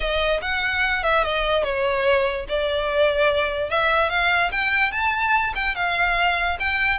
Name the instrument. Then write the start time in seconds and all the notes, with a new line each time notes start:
violin
0.00 D#5
0.41 F#5
1.03 E5
1.23 D#5
1.63 C#5
2.48 D5
3.70 E5
4.09 F5
4.51 G5
4.91 A5
5.55 G5
5.75 F5
6.59 G5